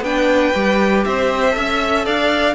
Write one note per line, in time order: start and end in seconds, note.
0.00 0.50 B3
0.00 0.54 D4
0.00 1.05 B4
0.00 1.04 G5
0.54 1.05 G3
0.54 1.51 G4
1.04 1.56 C4
1.04 1.55 C5
1.04 2.05 E5
1.51 2.06 C#4
1.51 2.52 A4
1.51 2.05 E5
2.05 2.54 D4
2.05 2.54 D5
2.05 2.54 F5